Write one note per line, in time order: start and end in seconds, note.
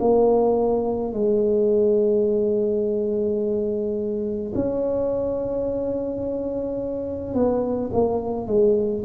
0.00 1.13 A#3
1.13 4.53 G#3
4.55 7.34 C#4
7.34 7.90 B3
7.93 8.47 A#3
8.47 9.04 G#3